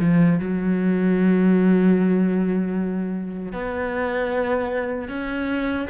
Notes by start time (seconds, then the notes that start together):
0.00 F3
0.39 F#3
3.52 B3
5.08 C#4